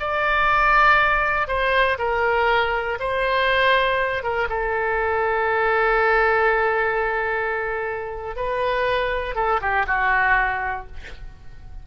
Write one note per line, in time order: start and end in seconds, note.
0.00 1.48 D5
1.48 1.98 C5
1.99 2.99 A#4
3.00 4.23 C5
4.23 4.48 A#4
4.49 8.36 A4
8.36 9.35 B4
9.35 9.60 A4
9.61 9.86 G4
9.87 10.87 F#4